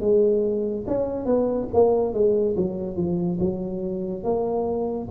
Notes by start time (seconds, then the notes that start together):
0.00 G#3
0.87 C#4
1.26 B3
1.73 A#3
2.13 G#3
2.56 F#3
2.96 F3
3.40 F#3
4.23 A#3